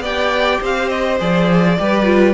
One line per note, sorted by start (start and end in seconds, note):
0.00 0.58 B3
0.00 1.19 G4
0.00 0.60 D5
0.00 0.63 G5
0.61 1.19 C4
0.61 1.77 C5
0.61 0.89 F5
0.89 1.18 D#5
1.19 1.79 F3
1.19 1.77 G#4
1.19 2.33 D5
1.77 2.33 G3
1.77 2.04 G4
1.77 2.33 B4
2.04 2.33 F4